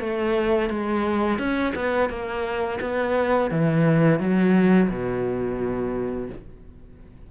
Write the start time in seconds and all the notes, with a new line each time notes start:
0.00 A3
0.69 G#3
1.38 C#4
1.75 B3
2.09 A#3
2.81 B3
3.51 E3
4.20 F#3
4.90 B2